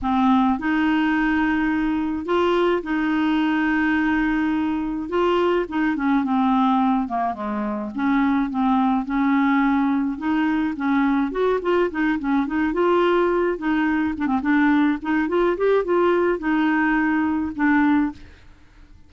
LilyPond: \new Staff \with { instrumentName = "clarinet" } { \time 4/4 \tempo 4 = 106 c'4 dis'2. | f'4 dis'2.~ | dis'4 f'4 dis'8 cis'8 c'4~ | c'8 ais8 gis4 cis'4 c'4 |
cis'2 dis'4 cis'4 | fis'8 f'8 dis'8 cis'8 dis'8 f'4. | dis'4 d'16 c'16 d'4 dis'8 f'8 g'8 | f'4 dis'2 d'4 | }